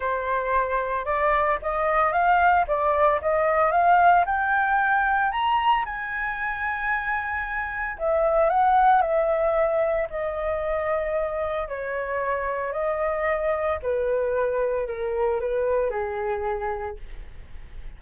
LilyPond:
\new Staff \with { instrumentName = "flute" } { \time 4/4 \tempo 4 = 113 c''2 d''4 dis''4 | f''4 d''4 dis''4 f''4 | g''2 ais''4 gis''4~ | gis''2. e''4 |
fis''4 e''2 dis''4~ | dis''2 cis''2 | dis''2 b'2 | ais'4 b'4 gis'2 | }